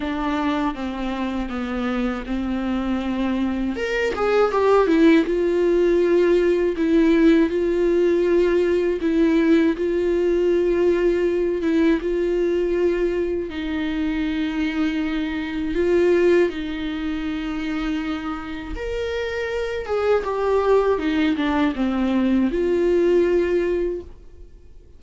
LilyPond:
\new Staff \with { instrumentName = "viola" } { \time 4/4 \tempo 4 = 80 d'4 c'4 b4 c'4~ | c'4 ais'8 gis'8 g'8 e'8 f'4~ | f'4 e'4 f'2 | e'4 f'2~ f'8 e'8 |
f'2 dis'2~ | dis'4 f'4 dis'2~ | dis'4 ais'4. gis'8 g'4 | dis'8 d'8 c'4 f'2 | }